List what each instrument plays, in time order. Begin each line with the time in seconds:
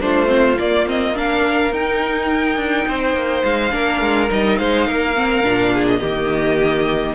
0.00 cello A3, viola D4, violin F4 C5
0.26 viola C4
0.59 viola A#3, cello A#3, violin D5
0.85 viola C4, violin D#5
1.14 viola D4, violin A#4 F5
1.72 cello D#4, viola D#4, violin G5
2.56 cello D4
2.87 cello C4, violin C5
3.14 cello A#3
3.44 cello G#3, violin F5
3.71 cello A#3, viola D4, violin A#4
4.00 cello G#3
4.29 cello G3, viola D#4, violin D#5
4.57 cello G#3, violin C5 F5
4.87 cello A#3, violin A#4
5.15 viola C4
5.43 cello A#2, viola D4
5.73 violin G#4
5.87 violin D#5
5.99 cello D#3, viola A#3, violin G4